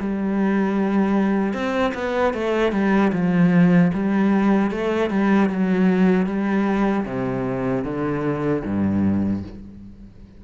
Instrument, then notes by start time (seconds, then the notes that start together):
cello
0.00 G3
1.53 C4
1.94 B3
2.34 A3
2.72 G3
3.13 F3
3.93 G3
4.71 A3
5.10 G3
5.49 F#3
6.26 G3
7.05 C3
7.84 D3
8.64 G2